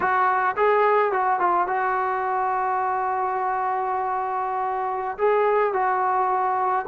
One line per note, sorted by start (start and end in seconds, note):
0.00 0.55 F#4
0.56 1.11 G#4
1.11 1.39 F#4
1.39 1.67 F4
1.67 5.17 F#4
5.18 5.73 G#4
5.73 6.85 F#4